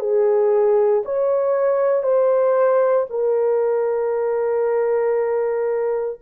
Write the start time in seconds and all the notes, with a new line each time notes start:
0.00 G#4
1.05 C#5
2.03 C5
3.10 A#4